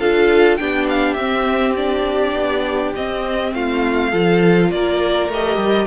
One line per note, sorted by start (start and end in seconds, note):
0.00 0.59 D4
0.00 0.59 F4
0.00 0.59 A4
0.00 0.57 F5
0.57 1.17 B3
0.57 1.18 D4
0.57 3.55 G4
0.57 0.86 G5
0.89 1.14 F5
1.14 2.34 C4
1.14 1.77 C4
1.14 1.73 E5
1.77 2.95 D4
1.77 2.94 D5
2.34 2.93 B3
2.96 4.12 C4
2.96 3.54 C4
2.96 3.54 D#5
3.54 4.13 A3
3.54 4.11 F4
3.54 4.71 F5
4.11 4.72 F3
4.11 5.30 F4
4.11 4.70 A4
4.71 5.29 A#3
4.71 5.87 A#4
4.71 5.30 D5
5.29 5.56 A3
5.29 5.87 G4
5.29 5.87 D#5
5.56 5.86 G3